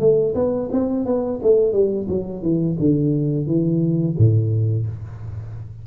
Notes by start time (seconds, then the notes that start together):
0.00 A3
0.35 B3
0.72 C4
1.06 B3
1.43 A3
1.73 G3
2.09 F#3
2.42 E3
2.79 D3
3.47 E3
4.18 A2